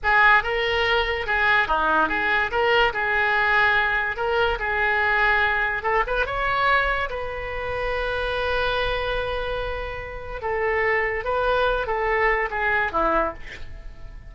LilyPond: \new Staff \with { instrumentName = "oboe" } { \time 4/4 \tempo 4 = 144 gis'4 ais'2 gis'4 | dis'4 gis'4 ais'4 gis'4~ | gis'2 ais'4 gis'4~ | gis'2 a'8 b'8 cis''4~ |
cis''4 b'2.~ | b'1~ | b'4 a'2 b'4~ | b'8 a'4. gis'4 e'4 | }